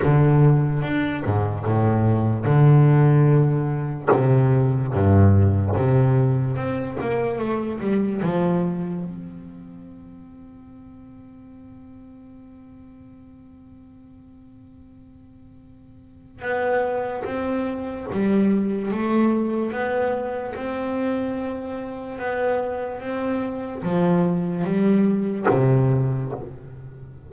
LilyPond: \new Staff \with { instrumentName = "double bass" } { \time 4/4 \tempo 4 = 73 d4 d'8 gis,8 a,4 d4~ | d4 c4 g,4 c4 | c'8 ais8 a8 g8 f4 c'4~ | c'1~ |
c'1 | b4 c'4 g4 a4 | b4 c'2 b4 | c'4 f4 g4 c4 | }